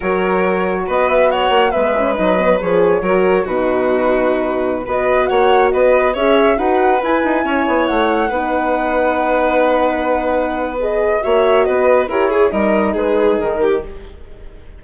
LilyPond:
<<
  \new Staff \with { instrumentName = "flute" } { \time 4/4 \tempo 4 = 139 cis''2 dis''8 e''8 fis''4 | e''4 dis''4 cis''2 | b'2.~ b'16 dis''8.~ | dis''16 fis''4 dis''4 e''4 fis''8.~ |
fis''16 gis''2 fis''4.~ fis''16~ | fis''1~ | fis''4 dis''4 e''4 dis''4 | cis''4 dis''4 b'4 ais'4 | }
  \new Staff \with { instrumentName = "violin" } { \time 4/4 ais'2 b'4 cis''4 | b'2. ais'4 | fis'2.~ fis'16 b'8.~ | b'16 cis''4 b'4 cis''4 b'8.~ |
b'4~ b'16 cis''2 b'8.~ | b'1~ | b'2 cis''4 b'4 | ais'8 gis'8 ais'4 gis'4. g'8 | }
  \new Staff \with { instrumentName = "horn" } { \time 4/4 fis'1 | b8 cis'8 dis'8 b8 gis'4 fis'4 | dis'2.~ dis'16 fis'8.~ | fis'2~ fis'16 gis'4 fis'8.~ |
fis'16 e'2. dis'8.~ | dis'1~ | dis'4 gis'4 fis'2 | g'8 gis'8 dis'2. | }
  \new Staff \with { instrumentName = "bassoon" } { \time 4/4 fis2 b4. ais8 | gis4 fis4 f4 fis4 | b,2.~ b,16 b8.~ | b16 ais4 b4 cis'4 dis'8.~ |
dis'16 e'8 dis'8 cis'8 b8 a4 b8.~ | b1~ | b2 ais4 b4 | e'4 g4 gis4 dis4 | }
>>